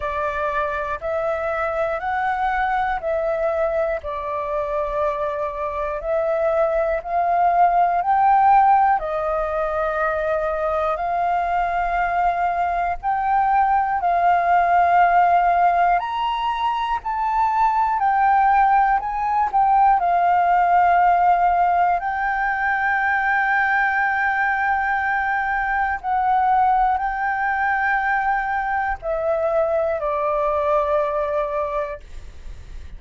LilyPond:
\new Staff \with { instrumentName = "flute" } { \time 4/4 \tempo 4 = 60 d''4 e''4 fis''4 e''4 | d''2 e''4 f''4 | g''4 dis''2 f''4~ | f''4 g''4 f''2 |
ais''4 a''4 g''4 gis''8 g''8 | f''2 g''2~ | g''2 fis''4 g''4~ | g''4 e''4 d''2 | }